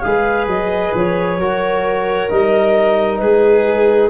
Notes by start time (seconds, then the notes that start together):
0.00 G#3 G#4 B4 F5
0.47 F#3 D#5
0.94 F3 C#5
1.38 F#3 F#4 A#4
2.29 G3 D#4 D#5
3.18 G#3 G#4 B4